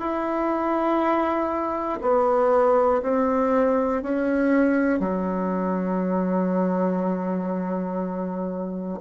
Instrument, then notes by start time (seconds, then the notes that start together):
bassoon
0.00 E4
2.02 B3
3.03 C4
4.03 C#4
5.00 F#3